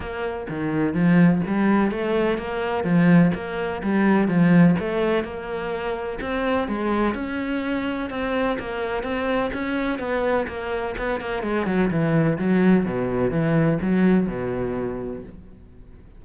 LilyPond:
\new Staff \with { instrumentName = "cello" } { \time 4/4 \tempo 4 = 126 ais4 dis4 f4 g4 | a4 ais4 f4 ais4 | g4 f4 a4 ais4~ | ais4 c'4 gis4 cis'4~ |
cis'4 c'4 ais4 c'4 | cis'4 b4 ais4 b8 ais8 | gis8 fis8 e4 fis4 b,4 | e4 fis4 b,2 | }